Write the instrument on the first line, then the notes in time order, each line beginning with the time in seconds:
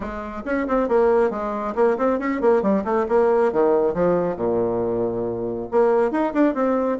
bassoon
0.00 G#3
0.45 C#4
0.67 C4
0.88 A#3
1.30 G#3
1.75 A#3
1.97 C4
2.19 C#4
2.41 A#3
2.62 G3
2.84 A3
3.08 A#3
3.52 D#3
3.94 F3
4.36 A#2
5.71 A#3
6.11 D#4
6.33 D4
6.54 C4